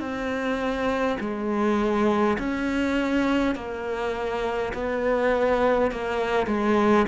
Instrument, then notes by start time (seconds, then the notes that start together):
cello
0.00 C4
1.20 G#3
2.39 C#4
3.56 A#3
4.74 B3
5.92 A#3
6.47 G#3